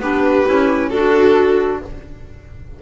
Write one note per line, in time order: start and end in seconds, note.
0.00 0.45 B3
0.00 0.46 D4
0.00 0.89 G4
0.00 0.90 B4
0.46 0.93 C#4
0.46 0.91 E4
0.89 1.82 D4
0.89 1.79 F#4
0.89 1.82 F#4
0.89 1.79 A4